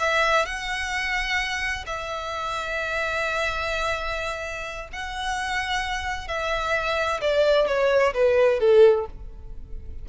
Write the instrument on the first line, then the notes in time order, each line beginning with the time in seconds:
violin
0.00 E5
0.46 F#5
1.87 E5
4.93 F#5
6.28 E5
7.21 D5
7.67 C#5
8.14 B4
8.60 A4